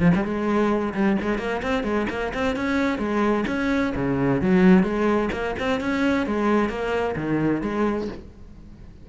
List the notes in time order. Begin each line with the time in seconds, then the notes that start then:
0.00 F3
0.15 G3
0.24 G#3
0.94 G3
1.22 G#3
1.38 A#3
1.63 C4
1.84 G#3
2.10 A#3
2.34 C4
2.56 C#4
2.99 G#3
3.47 C#4
3.96 C#3
4.42 F#3
4.83 G#3
5.32 A#3
5.59 C4
5.81 C#4
6.26 G#3
6.69 A#3
7.16 D#3
7.62 G#3